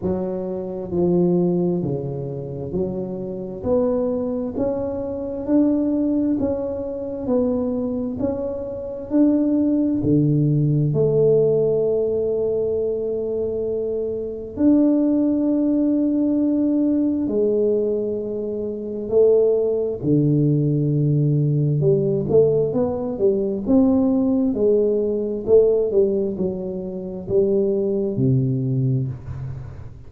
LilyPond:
\new Staff \with { instrumentName = "tuba" } { \time 4/4 \tempo 4 = 66 fis4 f4 cis4 fis4 | b4 cis'4 d'4 cis'4 | b4 cis'4 d'4 d4 | a1 |
d'2. gis4~ | gis4 a4 d2 | g8 a8 b8 g8 c'4 gis4 | a8 g8 fis4 g4 c4 | }